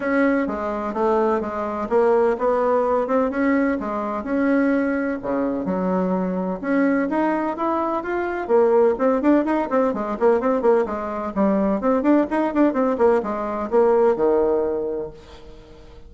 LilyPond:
\new Staff \with { instrumentName = "bassoon" } { \time 4/4 \tempo 4 = 127 cis'4 gis4 a4 gis4 | ais4 b4. c'8 cis'4 | gis4 cis'2 cis4 | fis2 cis'4 dis'4 |
e'4 f'4 ais4 c'8 d'8 | dis'8 c'8 gis8 ais8 c'8 ais8 gis4 | g4 c'8 d'8 dis'8 d'8 c'8 ais8 | gis4 ais4 dis2 | }